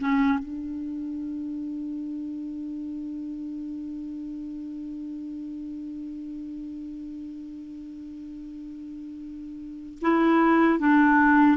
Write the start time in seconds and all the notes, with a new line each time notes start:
0.00 C#4
0.39 D4
10.01 E4
10.80 D4